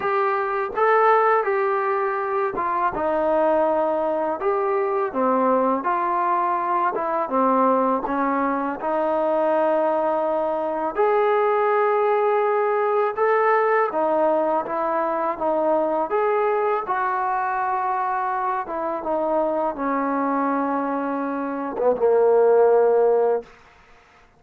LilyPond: \new Staff \with { instrumentName = "trombone" } { \time 4/4 \tempo 4 = 82 g'4 a'4 g'4. f'8 | dis'2 g'4 c'4 | f'4. e'8 c'4 cis'4 | dis'2. gis'4~ |
gis'2 a'4 dis'4 | e'4 dis'4 gis'4 fis'4~ | fis'4. e'8 dis'4 cis'4~ | cis'4.~ cis'16 b16 ais2 | }